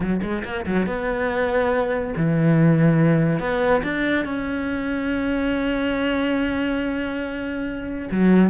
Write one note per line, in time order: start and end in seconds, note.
0.00 0.21 F#3
0.22 0.43 G#3
0.44 0.65 A#3
0.66 0.86 F#3
0.86 2.14 B3
2.16 3.39 E3
3.39 3.82 B3
3.83 4.25 D4
4.25 8.08 C#4
8.11 8.50 F#3